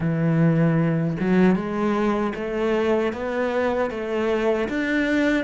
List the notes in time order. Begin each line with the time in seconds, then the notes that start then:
0.00 E3
1.19 F#3
1.55 G#3
2.34 A3
3.12 B3
3.90 A3
4.69 D4